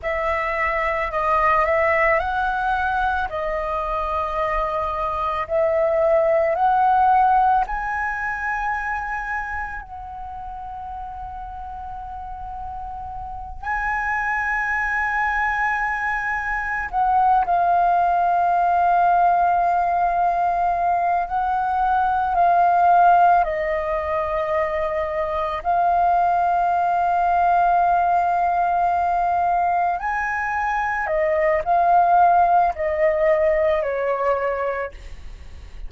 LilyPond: \new Staff \with { instrumentName = "flute" } { \time 4/4 \tempo 4 = 55 e''4 dis''8 e''8 fis''4 dis''4~ | dis''4 e''4 fis''4 gis''4~ | gis''4 fis''2.~ | fis''8 gis''2. fis''8 |
f''2.~ f''8 fis''8~ | fis''8 f''4 dis''2 f''8~ | f''2.~ f''8 gis''8~ | gis''8 dis''8 f''4 dis''4 cis''4 | }